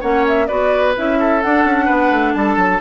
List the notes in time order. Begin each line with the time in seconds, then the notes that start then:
0.00 A#3 C#4 C#5 F#5
0.28 E5
0.47 B3 F#4 B4 D5
0.96 C#4 E4 E5
1.19 A4
1.41 D4 F#5
1.64 C#4
1.85 B3 B4
2.11 A3
2.33 G3 A4 A5
2.56 F#3